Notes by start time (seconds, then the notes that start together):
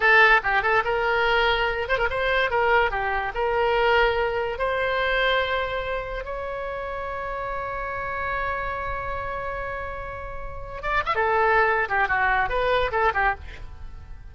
0.00 A4
0.43 G4
0.62 A4
0.84 A#4
1.88 C5
1.98 A#4
2.10 C5
2.50 A#4
2.90 G4
3.34 A#4
4.58 C5
6.24 C#5
10.82 D5
11.05 E5
11.15 A4
11.88 G4
12.08 F#4
12.49 B4
12.91 A4
13.13 G4